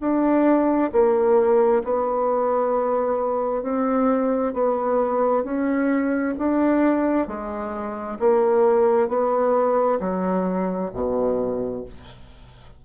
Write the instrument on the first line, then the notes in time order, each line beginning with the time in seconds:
bassoon
0.00 D4
0.92 A#3
1.83 B3
3.62 C4
4.53 B3
5.43 C#4
6.38 D4
7.27 G#3
8.19 A#3
9.08 B3
10.00 F#3
10.93 B2